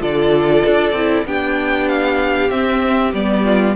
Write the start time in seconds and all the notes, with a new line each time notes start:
0.00 D3 F4 A4 D5
0.66 D4
0.93 C4 E4
1.25 B3 D4 G4 G5
1.89 F5
2.50 C4 E5
3.13 G3 B3 D5
3.45 F4